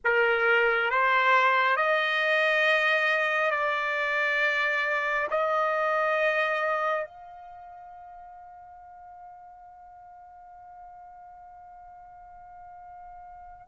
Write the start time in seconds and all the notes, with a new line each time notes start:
0.04 A#4
0.90 C5
1.76 D#5
3.51 D5
5.30 D#5
7.05 F5